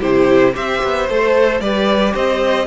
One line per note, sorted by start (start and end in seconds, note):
0.00 0.55 C3
0.00 0.53 E4
0.00 0.53 G4
0.00 0.54 C5
0.53 0.83 C4
0.53 1.06 G4
0.53 1.60 C5
0.53 1.09 E5
0.83 1.09 B3
1.09 1.61 A3
1.09 1.62 A4
1.09 1.61 C5
1.61 2.14 G3
1.61 2.67 G4
1.61 2.13 B4
1.61 2.14 D5
2.13 2.67 C4
2.13 2.66 C5
2.13 2.67 D#5